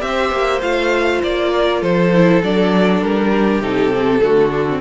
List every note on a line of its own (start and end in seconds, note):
0.00 0.32 C4
0.00 0.60 G4
0.00 0.61 E5
0.07 1.51 C5
0.32 0.61 A#3
0.62 1.22 A3
0.62 2.12 F4
0.62 1.22 F5
1.23 1.82 A#3
1.23 1.82 D5
1.51 1.81 A#4
1.81 2.42 F3
1.81 3.30 A4
1.81 2.42 C5
2.14 2.43 E4
2.43 3.02 F#3
2.43 3.62 D4
2.43 3.02 D5
3.02 3.60 G3
3.02 3.62 A#4
3.30 4.20 G4
3.60 4.20 C3
3.60 3.91 D#4
3.60 4.81 A4
3.91 4.19 C4
4.19 4.81 D3
4.19 4.49 A3
4.19 4.81 F#4
4.51 4.66 D4
4.69 4.81 C4